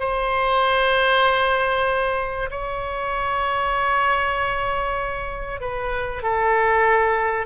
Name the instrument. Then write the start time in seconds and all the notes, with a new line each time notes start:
oboe
0.00 C5
2.51 C#5
5.61 B4
6.23 A4